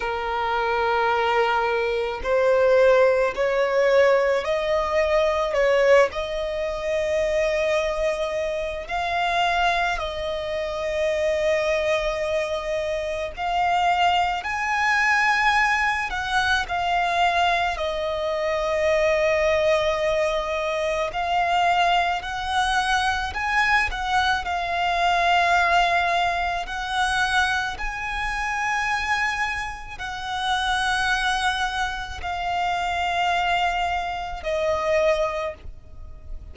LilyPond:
\new Staff \with { instrumentName = "violin" } { \time 4/4 \tempo 4 = 54 ais'2 c''4 cis''4 | dis''4 cis''8 dis''2~ dis''8 | f''4 dis''2. | f''4 gis''4. fis''8 f''4 |
dis''2. f''4 | fis''4 gis''8 fis''8 f''2 | fis''4 gis''2 fis''4~ | fis''4 f''2 dis''4 | }